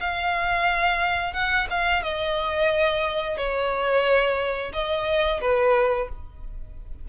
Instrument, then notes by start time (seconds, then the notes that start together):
violin
0.00 F5
1.33 F#5
1.70 F5
2.03 D#5
3.37 C#5
4.73 D#5
5.41 B4